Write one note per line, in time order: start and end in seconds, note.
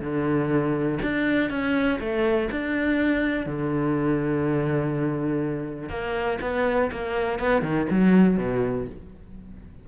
0.00 0.98 D3
1.02 1.50 D4
1.50 1.99 C#4
2.00 2.49 A3
2.51 3.46 D4
3.46 5.89 D3
5.89 6.38 A#3
6.41 6.90 B3
6.91 7.39 A#3
7.39 7.62 B3
7.62 7.86 D#3
7.90 8.37 F#3
8.37 8.86 B2